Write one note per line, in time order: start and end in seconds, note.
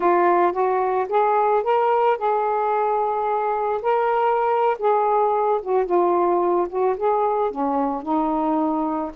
0.00 0.52 F4
0.52 1.07 F#4
1.08 1.63 G#4
1.63 2.17 A#4
2.17 3.81 G#4
3.82 4.77 A#4
4.79 5.60 G#4
5.62 5.85 F#4
5.85 6.67 F4
6.69 6.96 F#4
6.96 7.50 G#4
7.50 8.02 C#4
8.02 9.11 D#4